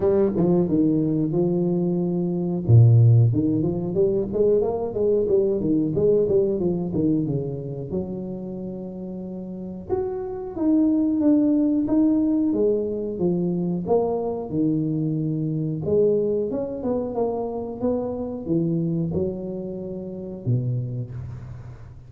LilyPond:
\new Staff \with { instrumentName = "tuba" } { \time 4/4 \tempo 4 = 91 g8 f8 dis4 f2 | ais,4 dis8 f8 g8 gis8 ais8 gis8 | g8 dis8 gis8 g8 f8 dis8 cis4 | fis2. fis'4 |
dis'4 d'4 dis'4 gis4 | f4 ais4 dis2 | gis4 cis'8 b8 ais4 b4 | e4 fis2 b,4 | }